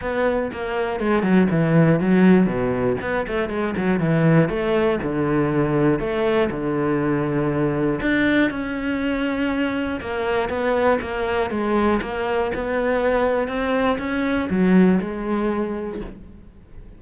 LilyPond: \new Staff \with { instrumentName = "cello" } { \time 4/4 \tempo 4 = 120 b4 ais4 gis8 fis8 e4 | fis4 b,4 b8 a8 gis8 fis8 | e4 a4 d2 | a4 d2. |
d'4 cis'2. | ais4 b4 ais4 gis4 | ais4 b2 c'4 | cis'4 fis4 gis2 | }